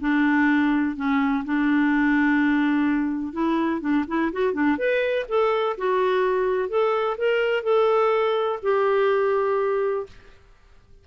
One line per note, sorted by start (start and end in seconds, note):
0.00 0.95 D4
0.95 1.43 C#4
1.44 3.32 D4
3.32 3.80 E4
3.80 4.04 D4
4.07 4.31 E4
4.32 4.53 F#4
4.53 4.77 D4
4.78 5.26 B4
5.28 5.76 A4
5.77 6.69 F#4
6.69 7.17 A4
7.17 7.63 A#4
7.63 8.59 A4
8.62 10.06 G4